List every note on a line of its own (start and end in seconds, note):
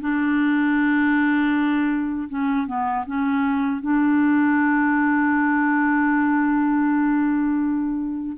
0.00 2.28 D4
2.29 2.67 C#4
2.67 3.05 B3
3.06 3.81 C#4
3.81 8.37 D4